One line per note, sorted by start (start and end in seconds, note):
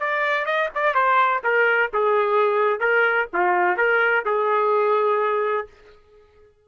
0.00 0.46 D5
0.46 0.70 D#5
0.75 0.95 D5
0.95 1.42 C5
1.44 1.91 A#4
1.93 2.80 G#4
2.80 3.28 A#4
3.33 3.78 F4
3.78 4.25 A#4
4.26 5.68 G#4